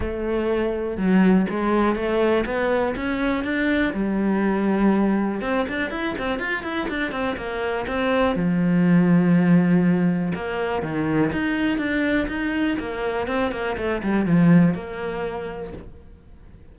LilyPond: \new Staff \with { instrumentName = "cello" } { \time 4/4 \tempo 4 = 122 a2 fis4 gis4 | a4 b4 cis'4 d'4 | g2. c'8 d'8 | e'8 c'8 f'8 e'8 d'8 c'8 ais4 |
c'4 f2.~ | f4 ais4 dis4 dis'4 | d'4 dis'4 ais4 c'8 ais8 | a8 g8 f4 ais2 | }